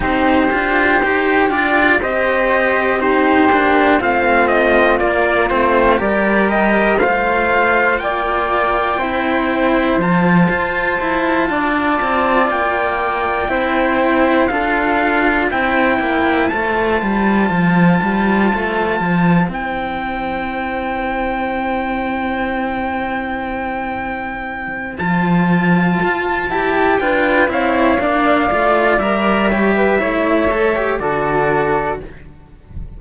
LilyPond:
<<
  \new Staff \with { instrumentName = "trumpet" } { \time 4/4 \tempo 4 = 60 c''4. d''8 dis''4 c''4 | f''8 dis''8 d''8 c''8 d''8 dis''8 f''4 | g''2 a''2~ | a''8 g''2 f''4 g''8~ |
g''8 a''2. g''8~ | g''1~ | g''4 a''2 g''8 f''8~ | f''4 e''2 d''4 | }
  \new Staff \with { instrumentName = "flute" } { \time 4/4 g'2 c''4 g'4 | f'2 ais'4 c''4 | d''4 c''2~ c''8 d''8~ | d''4. c''4 a'4 c''8~ |
c''1~ | c''1~ | c''2. b'8 cis''8 | d''4. cis''16 b'16 cis''4 a'4 | }
  \new Staff \with { instrumentName = "cello" } { \time 4/4 dis'8 f'8 g'8 f'8 g'4 dis'8 d'8 | c'4 ais8 c'8 g'4 f'4~ | f'4 e'4 f'2~ | f'4. e'4 f'4 e'8~ |
e'8 f'2. e'8~ | e'1~ | e'4 f'4. g'8 f'8 e'8 | d'8 f'8 ais'8 g'8 e'8 a'16 g'16 fis'4 | }
  \new Staff \with { instrumentName = "cello" } { \time 4/4 c'8 d'8 dis'8 d'8 c'4. ais8 | a4 ais8 a8 g4 a4 | ais4 c'4 f8 f'8 e'8 d'8 | c'8 ais4 c'4 d'4 c'8 |
ais8 a8 g8 f8 g8 a8 f8 c'8~ | c'1~ | c'4 f4 f'8 e'8 d'8 c'8 | ais8 a8 g4 a4 d4 | }
>>